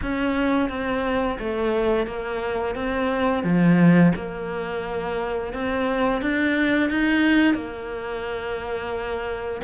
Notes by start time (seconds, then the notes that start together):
0.02 C#4
0.69 C4
1.39 A3
2.06 A#3
2.75 C4
3.43 F3
4.15 A#3
5.53 C4
6.21 D4
6.90 D#4
7.54 A#3